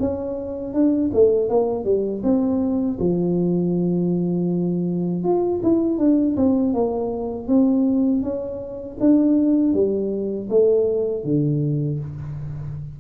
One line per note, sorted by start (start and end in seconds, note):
0.00 0.74 C#4
0.74 1.11 D4
1.14 1.49 A3
1.49 1.85 A#3
1.85 2.22 G3
2.24 2.99 C4
2.99 5.24 F3
5.24 5.61 F4
5.63 5.98 E4
5.98 6.36 D4
6.36 6.74 C4
6.74 7.48 A#3
7.48 8.23 C4
8.23 8.98 C#4
9.00 9.74 D4
9.74 10.49 G3
10.50 11.24 A3
11.24 11.99 D3